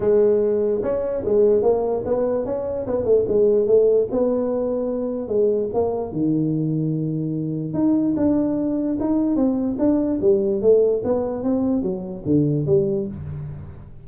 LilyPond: \new Staff \with { instrumentName = "tuba" } { \time 4/4 \tempo 4 = 147 gis2 cis'4 gis4 | ais4 b4 cis'4 b8 a8 | gis4 a4 b2~ | b4 gis4 ais4 dis4~ |
dis2. dis'4 | d'2 dis'4 c'4 | d'4 g4 a4 b4 | c'4 fis4 d4 g4 | }